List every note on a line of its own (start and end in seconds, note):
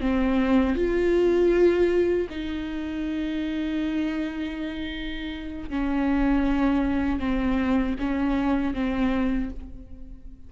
0.00 0.76 C4
0.76 2.28 F4
2.30 5.70 D#4
5.70 7.19 C#4
7.19 7.95 C4
7.99 8.74 C#4
8.74 9.50 C4